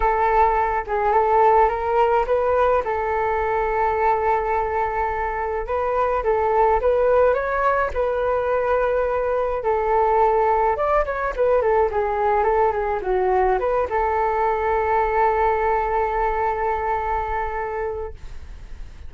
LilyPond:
\new Staff \with { instrumentName = "flute" } { \time 4/4 \tempo 4 = 106 a'4. gis'8 a'4 ais'4 | b'4 a'2.~ | a'2 b'4 a'4 | b'4 cis''4 b'2~ |
b'4 a'2 d''8 cis''8 | b'8 a'8 gis'4 a'8 gis'8 fis'4 | b'8 a'2.~ a'8~ | a'1 | }